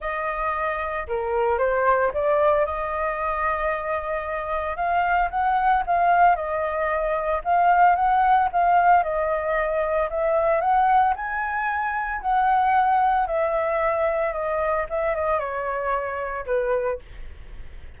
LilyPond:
\new Staff \with { instrumentName = "flute" } { \time 4/4 \tempo 4 = 113 dis''2 ais'4 c''4 | d''4 dis''2.~ | dis''4 f''4 fis''4 f''4 | dis''2 f''4 fis''4 |
f''4 dis''2 e''4 | fis''4 gis''2 fis''4~ | fis''4 e''2 dis''4 | e''8 dis''8 cis''2 b'4 | }